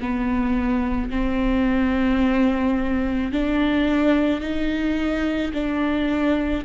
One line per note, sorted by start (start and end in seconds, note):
0.00 1.10 B3
1.10 3.32 C4
3.32 4.40 D4
4.40 5.52 D#4
5.53 6.64 D4